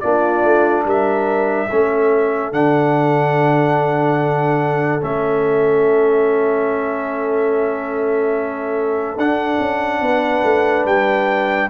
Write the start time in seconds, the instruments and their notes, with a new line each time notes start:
0.00 tuba A#3, trombone D4, horn F4, trumpet D5
0.44 tuba A3
0.84 tuba G3, horn A#4, trumpet E5
1.69 tuba A3, trombone C#4, horn A4
2.52 tuba D3, trombone D4, trumpet F#5
5.01 tuba A3, trombone C#4, trumpet E5
9.17 tuba D4, trombone D4, trumpet F#5
9.59 tuba C#4
10.00 tuba B3, horn B4
10.43 tuba A3
10.85 tuba G3, trumpet G5